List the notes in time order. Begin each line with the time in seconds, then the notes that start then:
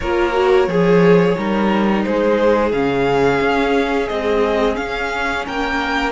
0.00 A#3 F4 A#4 C#5
0.32 F#4
0.67 F3 G#4
1.36 G3 D#4 A#4
2.03 G#3 G#4 C5
2.71 C#3 C#4 F5
3.41 C#4
4.08 G#3 C4 D#5
4.75 C#4 F5
5.46 A#3 A#4 G5